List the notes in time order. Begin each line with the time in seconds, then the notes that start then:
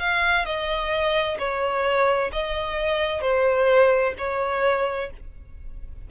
0.00 F5
0.45 D#5
1.39 C#5
2.32 D#5
3.21 C5
4.18 C#5